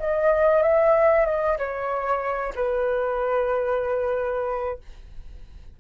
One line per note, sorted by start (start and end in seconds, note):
0.00 0.63 D#5
0.63 1.26 E5
1.26 1.58 D#5
1.58 2.54 C#5
2.56 4.79 B4